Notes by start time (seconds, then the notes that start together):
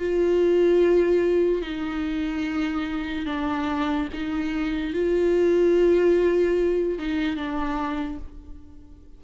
0.00 F4
1.62 D#4
3.27 D4
4.13 D#4
4.94 F4
6.99 D#4
7.36 D4